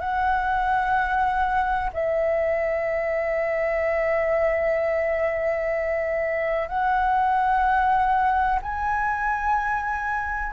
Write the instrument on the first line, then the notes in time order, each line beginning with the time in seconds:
flute
0.00 F#5
1.94 E5
6.68 F#5
8.62 G#5